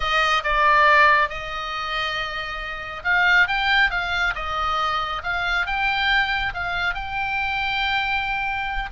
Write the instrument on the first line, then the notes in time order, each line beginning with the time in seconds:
oboe
0.00 D#5
0.43 D5
1.29 D#5
3.04 F5
3.47 G5
3.90 F5
4.35 D#5
5.23 F5
5.66 G5
6.54 F5
6.94 G5